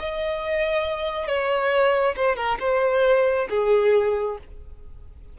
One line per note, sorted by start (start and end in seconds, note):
0.00 1.28 D#5
1.28 2.16 C#5
2.16 2.36 C5
2.36 2.58 A#4
2.60 3.48 C5
3.50 4.38 G#4